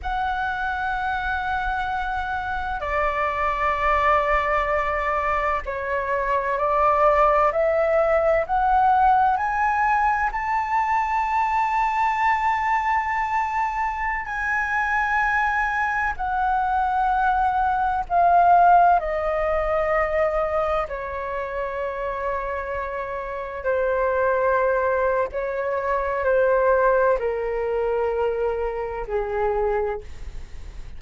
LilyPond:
\new Staff \with { instrumentName = "flute" } { \time 4/4 \tempo 4 = 64 fis''2. d''4~ | d''2 cis''4 d''4 | e''4 fis''4 gis''4 a''4~ | a''2.~ a''16 gis''8.~ |
gis''4~ gis''16 fis''2 f''8.~ | f''16 dis''2 cis''4.~ cis''16~ | cis''4~ cis''16 c''4.~ c''16 cis''4 | c''4 ais'2 gis'4 | }